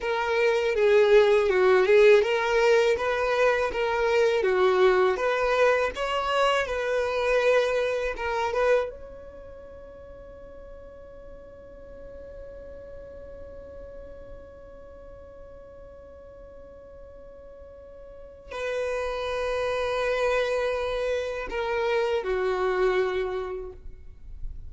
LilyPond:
\new Staff \with { instrumentName = "violin" } { \time 4/4 \tempo 4 = 81 ais'4 gis'4 fis'8 gis'8 ais'4 | b'4 ais'4 fis'4 b'4 | cis''4 b'2 ais'8 b'8 | cis''1~ |
cis''1~ | cis''1~ | cis''4 b'2.~ | b'4 ais'4 fis'2 | }